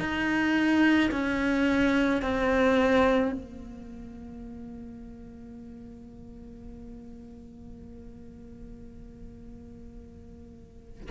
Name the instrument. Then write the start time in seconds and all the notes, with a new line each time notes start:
cello
0.00 D#4
1.12 C#4
2.23 C4
3.32 A#3